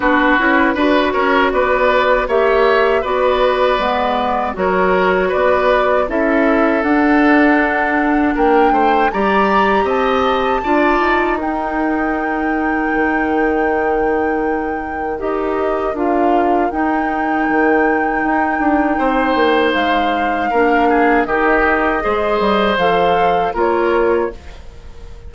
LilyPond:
<<
  \new Staff \with { instrumentName = "flute" } { \time 4/4 \tempo 4 = 79 b'4. cis''8 d''4 e''4 | d''2 cis''4 d''4 | e''4 fis''2 g''4 | ais''4 a''2 g''4~ |
g''1 | dis''4 f''4 g''2~ | g''2 f''2 | dis''2 f''4 cis''4 | }
  \new Staff \with { instrumentName = "oboe" } { \time 4/4 fis'4 b'8 ais'8 b'4 cis''4 | b'2 ais'4 b'4 | a'2. ais'8 c''8 | d''4 dis''4 d''4 ais'4~ |
ais'1~ | ais'1~ | ais'4 c''2 ais'8 gis'8 | g'4 c''2 ais'4 | }
  \new Staff \with { instrumentName = "clarinet" } { \time 4/4 d'8 e'8 fis'2 g'4 | fis'4 b4 fis'2 | e'4 d'2. | g'2 f'4 dis'4~ |
dis'1 | g'4 f'4 dis'2~ | dis'2. d'4 | dis'4 gis'4 a'4 f'4 | }
  \new Staff \with { instrumentName = "bassoon" } { \time 4/4 b8 cis'8 d'8 cis'8 b4 ais4 | b4 gis4 fis4 b4 | cis'4 d'2 ais8 a8 | g4 c'4 d'8 dis'4.~ |
dis'4 dis2. | dis'4 d'4 dis'4 dis4 | dis'8 d'8 c'8 ais8 gis4 ais4 | dis4 gis8 g8 f4 ais4 | }
>>